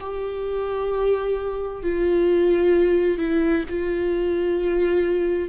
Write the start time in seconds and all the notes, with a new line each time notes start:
0.00 G4
1.83 F4
3.18 E4
3.70 F4